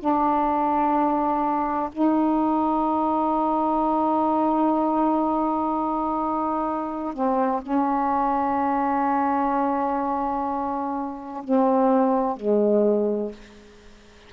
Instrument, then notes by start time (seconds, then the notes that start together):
saxophone
0.00 D4
1.93 D#4
7.14 C4
7.63 C#4
11.44 C4
12.37 G#3